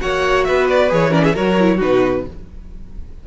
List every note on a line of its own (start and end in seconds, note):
0.00 0.48 A#3
0.00 0.89 F#4
0.00 0.47 C#5
0.00 0.44 F#5
0.44 0.91 B3
0.44 1.10 B4
0.44 0.67 E5
0.69 0.91 D5
0.89 1.36 E3
0.89 1.10 G#4
0.89 1.14 C#5
1.10 1.33 C#4
1.10 1.21 A#4
1.10 1.24 D5
1.23 1.34 G#4
1.23 1.35 E5
1.34 1.81 F#3
1.34 1.57 F#4
1.34 1.76 A#4
1.34 1.80 C#5
1.59 1.79 E4
1.76 2.27 B2
1.76 2.24 D#4
1.76 2.21 F#4
1.76 2.26 B4